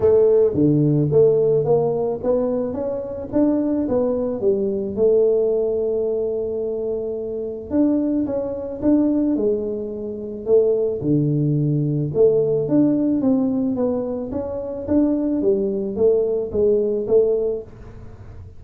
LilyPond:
\new Staff \with { instrumentName = "tuba" } { \time 4/4 \tempo 4 = 109 a4 d4 a4 ais4 | b4 cis'4 d'4 b4 | g4 a2.~ | a2 d'4 cis'4 |
d'4 gis2 a4 | d2 a4 d'4 | c'4 b4 cis'4 d'4 | g4 a4 gis4 a4 | }